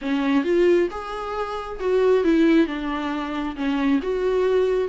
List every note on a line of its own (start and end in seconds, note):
0.01 0.44 C#4
0.44 0.88 F4
0.90 1.79 G#4
1.80 2.23 F#4
2.23 2.66 E4
2.66 3.55 D4
3.56 4.00 C#4
4.02 4.88 F#4